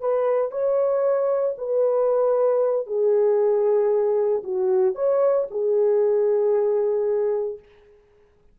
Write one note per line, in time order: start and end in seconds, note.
0.00 0.51 B4
0.51 1.55 C#5
1.57 2.86 B4
2.86 4.43 G#4
4.43 4.95 F#4
4.95 5.47 C#5
5.50 7.59 G#4